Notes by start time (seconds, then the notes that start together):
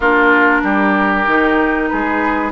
0.00 A#3 D4 F4 A#4
0.63 G3 G4
1.27 D#3 D#4
1.88 G#3 G#4 B4